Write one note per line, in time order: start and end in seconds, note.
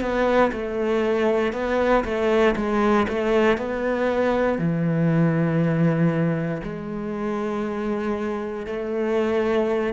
0.00 0.51 B3
0.52 1.53 A3
1.53 2.03 B3
2.04 2.55 A3
2.56 3.06 G#3
3.08 3.57 A3
3.57 4.58 B3
4.58 6.61 E3
6.63 8.66 G#3
8.66 9.92 A3